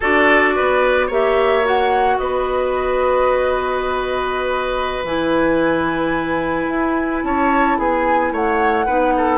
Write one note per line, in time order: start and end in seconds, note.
0.00 0.58 D4
0.00 1.10 F#4
0.00 0.55 A4
0.00 1.11 D5
0.55 1.09 B3
0.55 1.06 B4
1.06 2.18 A#3
1.06 1.63 G4
1.06 2.16 C#5
1.06 1.66 E5
1.63 5.04 F#4
1.63 2.17 F#5
2.17 5.03 B3
2.17 7.24 B4
2.17 5.04 D#5
5.03 6.67 E3
5.03 8.87 E4
5.03 7.24 G#5
6.67 7.22 E4
7.23 7.77 C#4
7.23 7.78 C#5
7.23 7.78 A5
7.78 8.31 B3
7.78 8.32 G#4
7.78 8.34 G#5
8.31 8.86 A3
8.31 8.85 C#5
8.31 9.38 F#5
8.85 9.38 B3
8.85 9.38 D#4
8.85 9.12 B4
9.17 9.38 A4